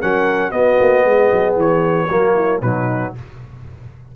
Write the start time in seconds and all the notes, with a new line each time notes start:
0.00 F#3 C#4 A#4 F#5
0.51 B3 F#4 D#5
0.80 A#3
1.04 G#3 G#4
1.32 F#3
1.56 E3 C#5
2.07 F#3 A#3 F#4
2.34 E4
2.61 B2 F#3 D#4 B4